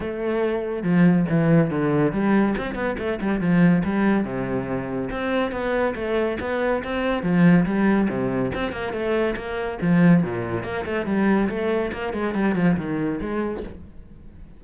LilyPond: \new Staff \with { instrumentName = "cello" } { \time 4/4 \tempo 4 = 141 a2 f4 e4 | d4 g4 c'8 b8 a8 g8 | f4 g4 c2 | c'4 b4 a4 b4 |
c'4 f4 g4 c4 | c'8 ais8 a4 ais4 f4 | ais,4 ais8 a8 g4 a4 | ais8 gis8 g8 f8 dis4 gis4 | }